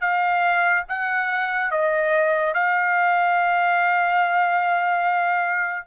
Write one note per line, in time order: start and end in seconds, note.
0.00 0.83 F5
0.89 1.70 F#5
1.70 2.53 D#5
2.53 5.87 F5